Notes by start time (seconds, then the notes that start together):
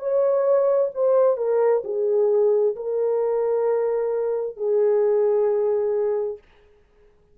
0.00 C#5
0.95 C5
1.38 A#4
1.85 G#4
2.76 A#4
4.57 G#4